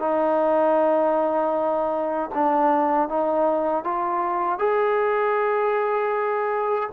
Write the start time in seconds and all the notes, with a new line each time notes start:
0.00 D#4
2.35 D4
3.09 D#4
3.84 F4
4.59 G#4